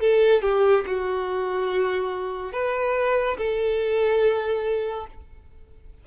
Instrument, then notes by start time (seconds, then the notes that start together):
violin
0.00 A4
0.42 G4
0.86 F#4
2.53 B4
3.38 A4